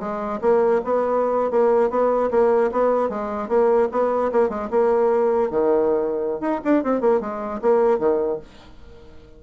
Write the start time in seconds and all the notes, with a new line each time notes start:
0.00 G#3
0.42 A#3
0.85 B3
1.51 A#3
1.91 B3
2.31 A#3
2.72 B3
3.10 G#3
3.49 A#3
3.92 B3
4.32 A#3
4.50 G#3
4.71 A#3
5.51 D#3
6.41 D#4
6.65 D4
6.84 C4
7.01 A#3
7.21 G#3
7.62 A#3
7.99 D#3